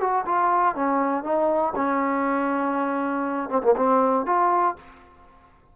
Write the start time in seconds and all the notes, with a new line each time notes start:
0.00 F#4
0.26 F4
0.75 C#4
1.24 D#4
1.76 C#4
3.50 C4
3.63 A#3
3.76 C4
4.26 F4